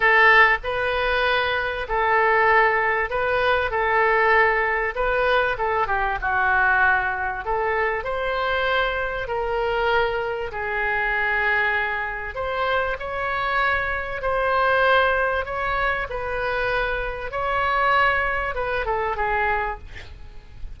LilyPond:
\new Staff \with { instrumentName = "oboe" } { \time 4/4 \tempo 4 = 97 a'4 b'2 a'4~ | a'4 b'4 a'2 | b'4 a'8 g'8 fis'2 | a'4 c''2 ais'4~ |
ais'4 gis'2. | c''4 cis''2 c''4~ | c''4 cis''4 b'2 | cis''2 b'8 a'8 gis'4 | }